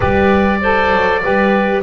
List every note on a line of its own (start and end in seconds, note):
0.00 0.92 G3
0.00 0.60 G4
0.00 0.59 B4
0.00 1.80 D5
0.61 1.21 A4
0.61 1.22 C5
0.92 1.22 F#3
1.21 1.83 G3
1.21 1.83 G4
1.21 1.83 B4